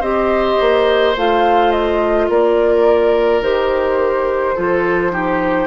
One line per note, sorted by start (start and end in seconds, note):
0.00 0.57 C4
0.00 1.15 G4
0.00 2.26 C5
0.00 1.15 D#5
0.60 1.16 A#3
1.16 2.29 A3
1.16 3.42 F4
1.16 1.71 F5
1.71 2.28 D#5
2.29 3.41 A#3
2.29 4.55 A#4
2.29 3.43 D5
3.41 4.54 D#3
3.41 4.56 G4
3.41 5.67 C5
4.55 5.67 F3
4.55 5.11 F4
4.55 5.12 A4
5.11 5.67 D#4
5.11 5.67 G4